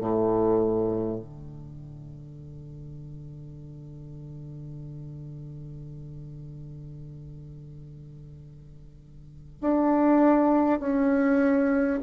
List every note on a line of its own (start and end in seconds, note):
0.00 1.19 A2
1.19 9.59 D3
9.61 10.79 D4
10.79 11.99 C#4